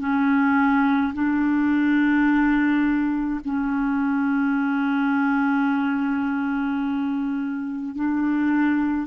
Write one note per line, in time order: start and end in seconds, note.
0.00 1.13 C#4
1.14 3.40 D4
3.45 7.96 C#4
7.96 9.07 D4